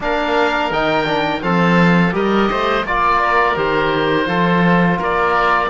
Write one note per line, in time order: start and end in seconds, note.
0.00 0.70 A#3
0.00 0.72 D4
0.00 1.43 A#4
0.00 0.72 F5
0.71 1.42 D#3
0.71 1.05 D#4
0.71 1.42 G5
1.05 1.41 D4
1.42 2.13 F3
1.42 2.11 C4
1.42 2.14 A4
1.42 2.13 F5
2.11 2.49 G3
2.11 2.83 G4
2.11 2.50 A#4
2.11 2.86 D#5
2.50 2.83 A3
2.50 2.86 C5
2.83 3.55 A#3
2.83 3.55 F4
2.83 3.21 D5
2.83 3.57 D5
3.21 4.28 A#4
3.55 4.27 D#3
3.55 4.25 G4
3.55 5.00 C5
4.25 4.98 F3
4.25 5.68 F4
4.25 4.98 A4
4.98 5.70 A#3
4.98 5.69 A#4
4.98 5.70 D5